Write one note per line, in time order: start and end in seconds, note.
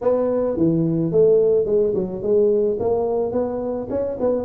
0.01 0.56 B3
0.56 1.11 E3
1.11 1.65 A3
1.65 1.93 G#3
1.94 2.22 F#3
2.22 2.78 G#3
2.79 3.32 A#3
3.32 3.87 B3
3.89 4.17 C#4
4.19 4.45 B3